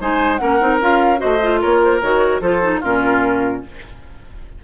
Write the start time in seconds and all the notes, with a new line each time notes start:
0.00 G#3 D#4 C5 G#5
0.36 A#3 C#4 A#4 F#5
0.60 C4 D#4
0.80 C#4 F4 F5
1.17 F#4 C5 D#5
1.23 A3
1.42 F4
1.61 A#3 A#4 C#5
1.83 C5
2.01 D#3 F#4 C#5
2.40 F3 F4 A4 C5
2.61 D#4
2.80 A#2 C#4 F4 A#4